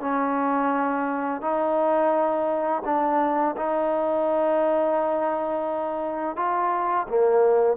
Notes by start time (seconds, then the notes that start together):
0.00 C#4
1.41 D#4
2.85 D4
3.56 D#4
6.36 F4
7.08 A#3